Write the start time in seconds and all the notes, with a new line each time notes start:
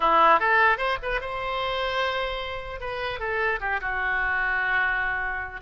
0.00 E4
0.39 A4
0.77 C5
1.02 B4
1.20 C5
2.80 B4
3.19 A4
3.60 G4
3.81 F#4